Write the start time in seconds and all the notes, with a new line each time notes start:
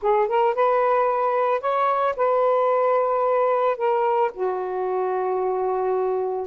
0.01 G#4
0.28 A#4
0.55 B4
1.60 C#5
2.16 B4
3.77 A#4
4.33 F#4